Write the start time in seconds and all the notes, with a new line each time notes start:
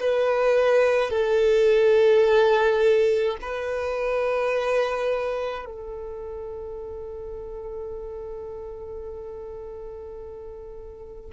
0.00 B4
1.10 A4
3.42 B4
5.66 A4